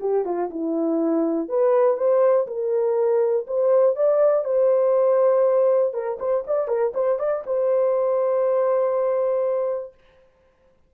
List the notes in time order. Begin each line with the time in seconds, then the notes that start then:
0.00 G4
0.25 F4
0.50 E4
1.48 B4
1.97 C5
2.47 A#4
3.47 C5
3.96 D5
4.44 C5
5.93 A#4
6.19 C5
6.47 D5
6.68 A#4
6.94 C5
7.19 D5
7.46 C5